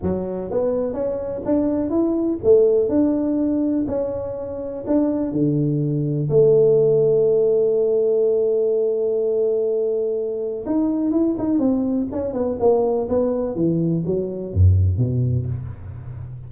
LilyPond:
\new Staff \with { instrumentName = "tuba" } { \time 4/4 \tempo 4 = 124 fis4 b4 cis'4 d'4 | e'4 a4 d'2 | cis'2 d'4 d4~ | d4 a2.~ |
a1~ | a2 dis'4 e'8 dis'8 | c'4 cis'8 b8 ais4 b4 | e4 fis4 fis,4 b,4 | }